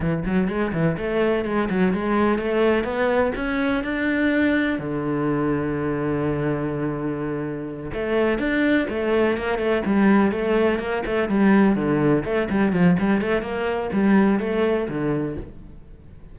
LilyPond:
\new Staff \with { instrumentName = "cello" } { \time 4/4 \tempo 4 = 125 e8 fis8 gis8 e8 a4 gis8 fis8 | gis4 a4 b4 cis'4 | d'2 d2~ | d1~ |
d8 a4 d'4 a4 ais8 | a8 g4 a4 ais8 a8 g8~ | g8 d4 a8 g8 f8 g8 a8 | ais4 g4 a4 d4 | }